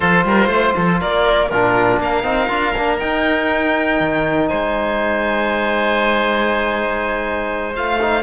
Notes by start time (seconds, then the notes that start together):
0.00 F3 F4 A4 C5
0.24 G3 A#4
0.46 A3 C5
0.75 F3 A4
0.99 A#3 A#4 D5
1.49 A#2 D4 F4 A#4
1.98 A#3 A#4 F5
2.23 C4 D#4
2.48 D4 F4
2.76 A#3 D4
2.99 D#4 G5
3.99 D#3
4.48 G#3 C5 G#5
7.74 A3 F4 F5
8.01 D#4